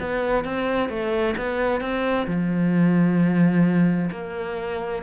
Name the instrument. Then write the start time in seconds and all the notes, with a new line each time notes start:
cello
0.00 B3
0.44 C4
0.89 A3
1.37 B3
1.81 C4
2.27 F3
4.11 A#3